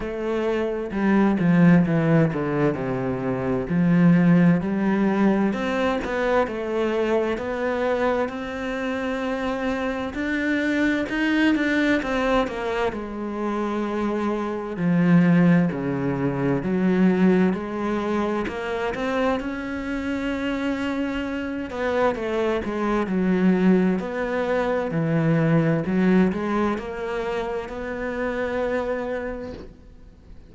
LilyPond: \new Staff \with { instrumentName = "cello" } { \time 4/4 \tempo 4 = 65 a4 g8 f8 e8 d8 c4 | f4 g4 c'8 b8 a4 | b4 c'2 d'4 | dis'8 d'8 c'8 ais8 gis2 |
f4 cis4 fis4 gis4 | ais8 c'8 cis'2~ cis'8 b8 | a8 gis8 fis4 b4 e4 | fis8 gis8 ais4 b2 | }